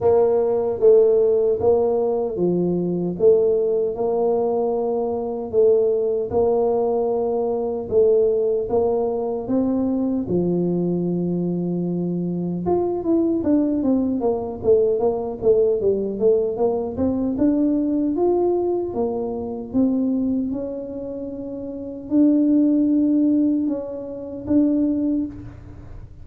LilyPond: \new Staff \with { instrumentName = "tuba" } { \time 4/4 \tempo 4 = 76 ais4 a4 ais4 f4 | a4 ais2 a4 | ais2 a4 ais4 | c'4 f2. |
f'8 e'8 d'8 c'8 ais8 a8 ais8 a8 | g8 a8 ais8 c'8 d'4 f'4 | ais4 c'4 cis'2 | d'2 cis'4 d'4 | }